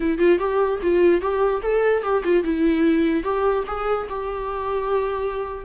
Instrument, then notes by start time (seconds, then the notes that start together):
viola
0.00 E4
0.18 F4
0.39 G4
0.82 F4
1.21 G4
1.62 A4
2.02 G4
2.24 F4
2.43 E4
3.23 G4
3.66 G#4
4.09 G4